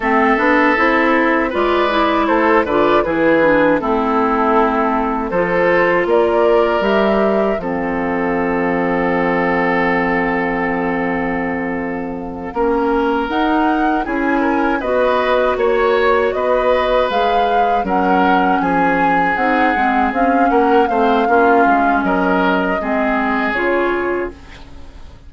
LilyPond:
<<
  \new Staff \with { instrumentName = "flute" } { \time 4/4 \tempo 4 = 79 e''2 d''4 c''8 d''8 | b'4 a'2 c''4 | d''4 e''4 f''2~ | f''1~ |
f''4. fis''4 gis''4 dis''8~ | dis''8 cis''4 dis''4 f''4 fis''8~ | fis''8 gis''4 fis''4 f''8 fis''8 f''8~ | f''4 dis''2 cis''4 | }
  \new Staff \with { instrumentName = "oboe" } { \time 4/4 a'2 b'4 a'8 b'8 | gis'4 e'2 a'4 | ais'2 a'2~ | a'1~ |
a'8 ais'2 gis'8 ais'8 b'8~ | b'8 cis''4 b'2 ais'8~ | ais'8 gis'2~ gis'8 ais'8 c''8 | f'4 ais'4 gis'2 | }
  \new Staff \with { instrumentName = "clarinet" } { \time 4/4 c'8 d'8 e'4 f'8 e'4 f'8 | e'8 d'8 c'2 f'4~ | f'4 g'4 c'2~ | c'1~ |
c'8 cis'4 dis'4 e'4 fis'8~ | fis'2~ fis'8 gis'4 cis'8~ | cis'4. dis'8 c'8 cis'4 c'8 | cis'2 c'4 f'4 | }
  \new Staff \with { instrumentName = "bassoon" } { \time 4/4 a8 b8 c'4 gis4 a8 d8 | e4 a2 f4 | ais4 g4 f2~ | f1~ |
f8 ais4 dis'4 cis'4 b8~ | b8 ais4 b4 gis4 fis8~ | fis8 f4 c'8 gis8 c'8 ais8 a8 | ais8 gis8 fis4 gis4 cis4 | }
>>